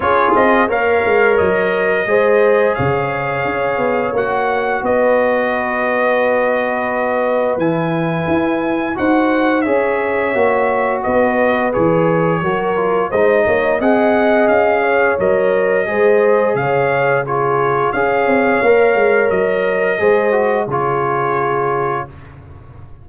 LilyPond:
<<
  \new Staff \with { instrumentName = "trumpet" } { \time 4/4 \tempo 4 = 87 cis''8 dis''8 f''4 dis''2 | f''2 fis''4 dis''4~ | dis''2. gis''4~ | gis''4 fis''4 e''2 |
dis''4 cis''2 dis''4 | fis''4 f''4 dis''2 | f''4 cis''4 f''2 | dis''2 cis''2 | }
  \new Staff \with { instrumentName = "horn" } { \time 4/4 gis'4 cis''2 c''4 | cis''2. b'4~ | b'1~ | b'4 c''4 cis''2 |
b'2 ais'4 c''8 cis''8 | dis''4. cis''4. c''4 | cis''4 gis'4 cis''2~ | cis''4 c''4 gis'2 | }
  \new Staff \with { instrumentName = "trombone" } { \time 4/4 f'4 ais'2 gis'4~ | gis'2 fis'2~ | fis'2. e'4~ | e'4 fis'4 gis'4 fis'4~ |
fis'4 gis'4 fis'8 f'8 dis'4 | gis'2 ais'4 gis'4~ | gis'4 f'4 gis'4 ais'4~ | ais'4 gis'8 fis'8 f'2 | }
  \new Staff \with { instrumentName = "tuba" } { \time 4/4 cis'8 c'8 ais8 gis8 fis4 gis4 | cis4 cis'8 b8 ais4 b4~ | b2. e4 | e'4 dis'4 cis'4 ais4 |
b4 e4 fis4 gis8 ais8 | c'4 cis'4 fis4 gis4 | cis2 cis'8 c'8 ais8 gis8 | fis4 gis4 cis2 | }
>>